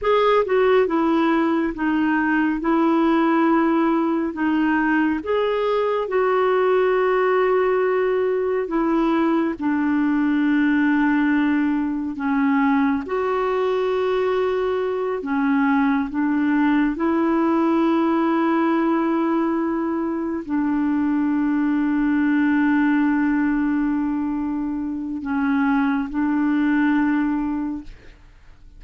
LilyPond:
\new Staff \with { instrumentName = "clarinet" } { \time 4/4 \tempo 4 = 69 gis'8 fis'8 e'4 dis'4 e'4~ | e'4 dis'4 gis'4 fis'4~ | fis'2 e'4 d'4~ | d'2 cis'4 fis'4~ |
fis'4. cis'4 d'4 e'8~ | e'2.~ e'8 d'8~ | d'1~ | d'4 cis'4 d'2 | }